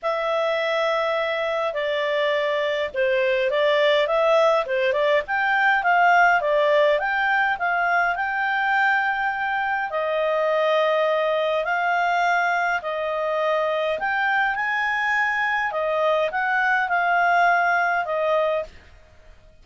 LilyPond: \new Staff \with { instrumentName = "clarinet" } { \time 4/4 \tempo 4 = 103 e''2. d''4~ | d''4 c''4 d''4 e''4 | c''8 d''8 g''4 f''4 d''4 | g''4 f''4 g''2~ |
g''4 dis''2. | f''2 dis''2 | g''4 gis''2 dis''4 | fis''4 f''2 dis''4 | }